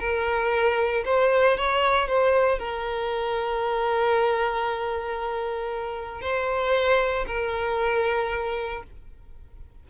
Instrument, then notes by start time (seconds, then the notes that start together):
violin
0.00 A#4
1.06 C5
1.57 C#5
2.08 C5
2.59 A#4
6.22 C5
7.27 A#4